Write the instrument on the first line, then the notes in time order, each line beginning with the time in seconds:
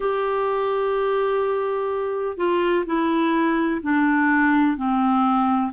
clarinet
0.00 G4
2.37 F4
2.86 E4
3.81 D4
4.76 C4